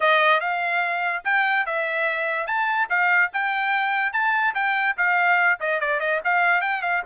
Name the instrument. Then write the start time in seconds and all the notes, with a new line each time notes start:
trumpet
0.00 D#5
0.40 F5
1.24 G5
1.66 E5
2.46 A5
2.89 F5
3.33 G5
4.12 A5
4.54 G5
4.97 F5
5.60 D#5
5.80 D5
6.00 D#5
6.24 F5
6.61 G5
6.82 F5